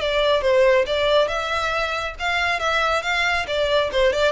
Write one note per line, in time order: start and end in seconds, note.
0.00 0.42 D5
0.42 0.85 C5
0.87 1.28 D5
1.28 2.15 E5
2.19 2.60 F5
2.60 3.03 E5
3.03 3.46 F5
3.47 3.91 D5
3.92 4.13 C5
4.13 4.32 D5